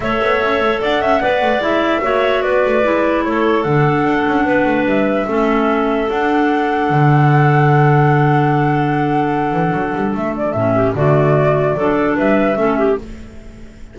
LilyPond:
<<
  \new Staff \with { instrumentName = "flute" } { \time 4/4 \tempo 4 = 148 e''2 fis''2 | e''2 d''2 | cis''4 fis''2. | e''2. fis''4~ |
fis''1~ | fis''1~ | fis''4 e''8 d''8 e''4 d''4~ | d''2 e''2 | }
  \new Staff \with { instrumentName = "clarinet" } { \time 4/4 cis''2 d''8 e''8 d''4~ | d''4 cis''4 b'2 | a'2. b'4~ | b'4 a'2.~ |
a'1~ | a'1~ | a'2~ a'8 g'8 fis'4~ | fis'4 a'4 b'4 a'8 g'8 | }
  \new Staff \with { instrumentName = "clarinet" } { \time 4/4 a'2. b'4 | e'4 fis'2 e'4~ | e'4 d'2.~ | d'4 cis'2 d'4~ |
d'1~ | d'1~ | d'2 cis'4 a4~ | a4 d'2 cis'4 | }
  \new Staff \with { instrumentName = "double bass" } { \time 4/4 a8 b8 cis'8 a8 d'8 cis'8 b8 a8 | gis4 ais4 b8 a8 gis4 | a4 d4 d'8 cis'8 b8 a8 | g4 a2 d'4~ |
d'4 d2.~ | d2.~ d8 e8 | fis8 g8 a4 a,4 d4~ | d4 fis4 g4 a4 | }
>>